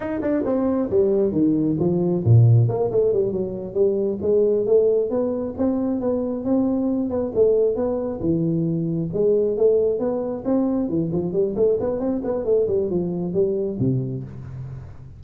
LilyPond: \new Staff \with { instrumentName = "tuba" } { \time 4/4 \tempo 4 = 135 dis'8 d'8 c'4 g4 dis4 | f4 ais,4 ais8 a8 g8 fis8~ | fis8 g4 gis4 a4 b8~ | b8 c'4 b4 c'4. |
b8 a4 b4 e4.~ | e8 gis4 a4 b4 c'8~ | c'8 e8 f8 g8 a8 b8 c'8 b8 | a8 g8 f4 g4 c4 | }